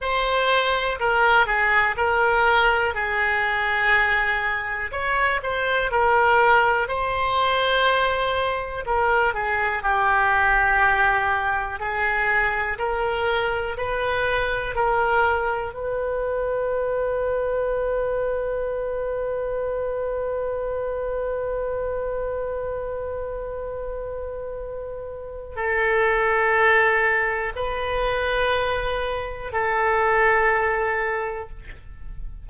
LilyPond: \new Staff \with { instrumentName = "oboe" } { \time 4/4 \tempo 4 = 61 c''4 ais'8 gis'8 ais'4 gis'4~ | gis'4 cis''8 c''8 ais'4 c''4~ | c''4 ais'8 gis'8 g'2 | gis'4 ais'4 b'4 ais'4 |
b'1~ | b'1~ | b'2 a'2 | b'2 a'2 | }